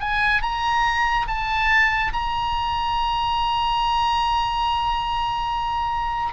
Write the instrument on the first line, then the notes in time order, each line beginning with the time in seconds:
oboe
0.00 G#5
0.42 A#5
1.28 A5
2.13 A#5